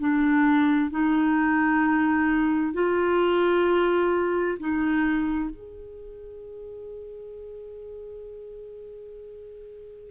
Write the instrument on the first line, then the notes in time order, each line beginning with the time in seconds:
clarinet
0.00 D4
0.91 D#4
2.74 F4
4.60 D#4
5.50 G#4